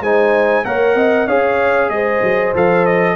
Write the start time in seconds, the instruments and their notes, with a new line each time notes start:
0.00 tuba G#3, trombone D#4, horn C5, trumpet G#5
0.64 tuba A#3, trombone A#4, horn C#5, trumpet F#5
0.94 tuba C4, horn D#5
1.27 tuba C#4, trombone G#4, horn C#5, trumpet F5
1.89 tuba G#3, horn C5, trumpet D#5
2.22 tuba F#3
2.54 tuba F3, trombone A4, trumpet F5
2.85 trumpet D#5